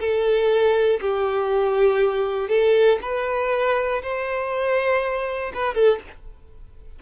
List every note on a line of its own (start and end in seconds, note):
0.00 1.00 A4
1.00 2.49 G4
2.49 2.99 A4
3.02 4.02 B4
4.02 5.52 C5
5.54 5.75 B4
5.75 6.00 A4